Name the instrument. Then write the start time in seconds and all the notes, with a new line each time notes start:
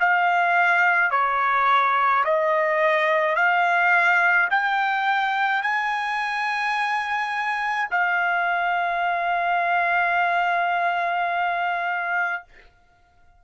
trumpet
0.00 F5
1.11 C#5
2.24 D#5
3.36 F5
4.51 G5
5.62 G#5
7.91 F5